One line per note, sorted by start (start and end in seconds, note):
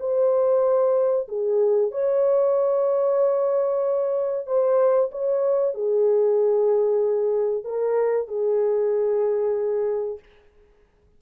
0.00 1.28 C5
1.29 1.91 G#4
1.91 4.47 C#5
4.47 5.10 C5
5.12 5.74 C#5
5.74 7.65 G#4
7.65 8.28 A#4
8.28 10.19 G#4